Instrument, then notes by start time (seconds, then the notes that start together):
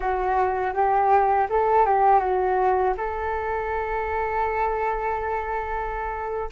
flute
0.00 F#4
0.73 G4
1.49 A4
1.85 G4
2.19 F#4
2.97 A4